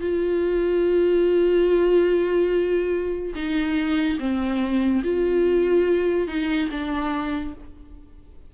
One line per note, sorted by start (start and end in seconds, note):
0.00 3.33 F4
3.34 4.18 D#4
4.19 5.02 C4
5.03 6.27 F4
6.27 6.69 D#4
6.70 7.53 D4